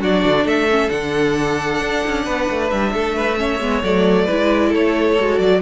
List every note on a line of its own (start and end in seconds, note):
0.00 0.25 F#3
0.00 0.70 D4
0.00 0.45 F#4
0.00 0.47 D5
0.25 0.44 D3
0.44 0.89 A3
0.44 2.24 A4
0.44 0.90 E5
0.70 0.89 C#4
0.89 1.81 D3
0.89 3.36 D4
0.89 2.69 F#5
1.81 2.03 D4
2.07 2.27 C#4
2.25 2.49 B3
2.25 2.92 B4
2.50 2.72 A3
2.70 2.94 G3
2.70 3.82 E5
2.94 3.60 A3
2.94 3.16 A4
3.16 3.38 B4
3.37 3.59 C#4
3.37 4.25 C#5
3.60 3.83 G#3
3.60 3.84 B3
3.83 4.28 F#3
3.83 4.28 A3
3.83 4.74 D5
4.25 4.74 G#3
4.25 5.18 E4
4.25 4.69 B4
4.69 5.19 A3
4.69 5.58 A4
4.69 5.39 C#5
5.19 5.39 G#3
5.19 5.62 F#4
5.39 5.62 F#3
5.39 5.61 D5